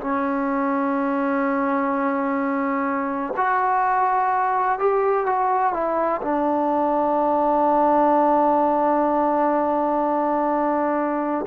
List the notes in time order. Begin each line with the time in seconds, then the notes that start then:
0.00 C#4
3.36 F#4
4.79 G4
5.26 F#4
5.73 E4
6.22 D4